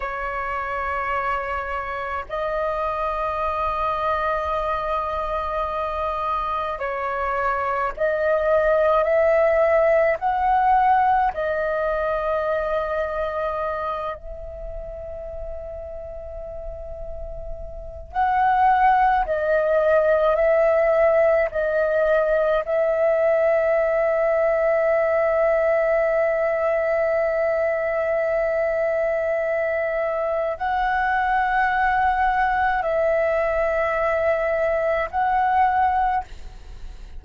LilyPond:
\new Staff \with { instrumentName = "flute" } { \time 4/4 \tempo 4 = 53 cis''2 dis''2~ | dis''2 cis''4 dis''4 | e''4 fis''4 dis''2~ | dis''8 e''2.~ e''8 |
fis''4 dis''4 e''4 dis''4 | e''1~ | e''2. fis''4~ | fis''4 e''2 fis''4 | }